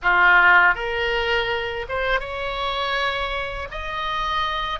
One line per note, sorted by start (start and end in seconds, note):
0.02 0.74 F4
0.74 1.86 A#4
1.88 2.20 C5
2.20 3.68 C#5
3.71 4.79 D#5